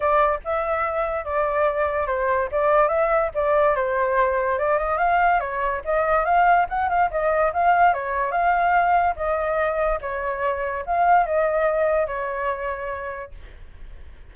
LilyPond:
\new Staff \with { instrumentName = "flute" } { \time 4/4 \tempo 4 = 144 d''4 e''2 d''4~ | d''4 c''4 d''4 e''4 | d''4 c''2 d''8 dis''8 | f''4 cis''4 dis''4 f''4 |
fis''8 f''8 dis''4 f''4 cis''4 | f''2 dis''2 | cis''2 f''4 dis''4~ | dis''4 cis''2. | }